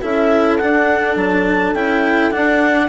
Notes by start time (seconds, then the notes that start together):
0.00 C#4 E4 A4 E5
0.57 D4 F#5
1.15 F#3 A5
1.73 C#4 E4 G5
2.31 D4 F#5